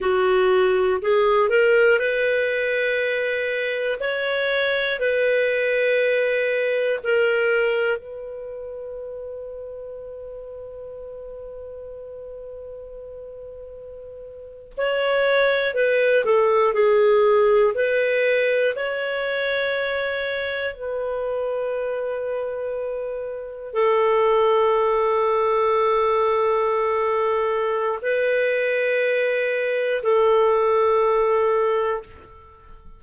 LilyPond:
\new Staff \with { instrumentName = "clarinet" } { \time 4/4 \tempo 4 = 60 fis'4 gis'8 ais'8 b'2 | cis''4 b'2 ais'4 | b'1~ | b'2~ b'8. cis''4 b'16~ |
b'16 a'8 gis'4 b'4 cis''4~ cis''16~ | cis''8. b'2. a'16~ | a'1 | b'2 a'2 | }